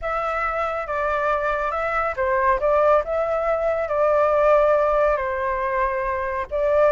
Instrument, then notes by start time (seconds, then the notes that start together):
flute
0.01 E5
0.87 D5
1.71 E5
2.16 C5
2.60 D5
3.04 E5
3.88 D5
5.16 C5
6.50 D5